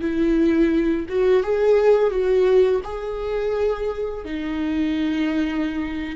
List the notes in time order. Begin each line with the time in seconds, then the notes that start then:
0.00 E4
1.08 F#4
1.43 G#4
2.10 F#4
2.84 G#4
4.24 D#4